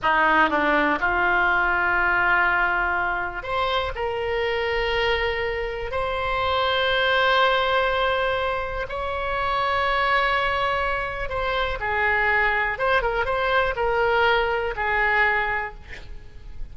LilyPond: \new Staff \with { instrumentName = "oboe" } { \time 4/4 \tempo 4 = 122 dis'4 d'4 f'2~ | f'2. c''4 | ais'1 | c''1~ |
c''2 cis''2~ | cis''2. c''4 | gis'2 c''8 ais'8 c''4 | ais'2 gis'2 | }